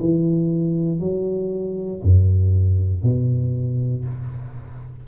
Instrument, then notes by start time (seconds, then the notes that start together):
tuba
0.00 E3
1.00 F#3
2.03 F#2
3.03 B2